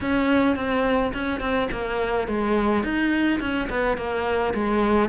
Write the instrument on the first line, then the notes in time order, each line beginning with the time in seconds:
cello
0.01 C#4
0.56 C4
1.13 C#4
1.40 C4
1.71 A#3
2.27 G#3
2.83 D#4
3.40 C#4
3.69 B3
3.97 A#3
4.54 G#3